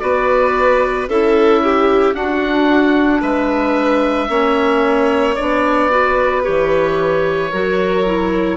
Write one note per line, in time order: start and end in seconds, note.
0.00 1.08 B3
0.00 1.07 F#4
0.00 1.09 B4
0.00 1.07 D5
1.08 2.14 C#4
1.08 2.15 E4
1.08 1.63 A4
1.08 2.15 E5
1.63 2.17 G4
2.14 3.21 D4
2.14 4.29 D4
2.14 3.21 F#4
2.14 3.22 F#5
3.21 4.29 G#3
3.21 4.28 B4
3.21 5.35 E5
4.29 5.36 A#3
4.29 5.36 C#4
4.29 5.91 C#5
5.35 6.48 B3
5.35 5.90 D4
5.35 6.43 D5
5.90 6.43 F#4
5.90 7.51 B4
6.43 7.53 E3
6.43 7.50 G4
6.43 8.58 C#5
7.51 8.58 F#3
7.51 8.06 F#4
7.51 8.58 A#4
8.06 8.58 E4